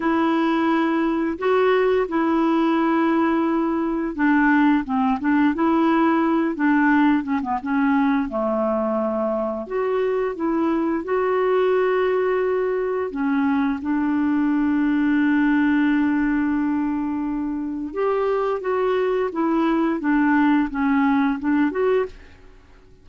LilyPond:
\new Staff \with { instrumentName = "clarinet" } { \time 4/4 \tempo 4 = 87 e'2 fis'4 e'4~ | e'2 d'4 c'8 d'8 | e'4. d'4 cis'16 b16 cis'4 | a2 fis'4 e'4 |
fis'2. cis'4 | d'1~ | d'2 g'4 fis'4 | e'4 d'4 cis'4 d'8 fis'8 | }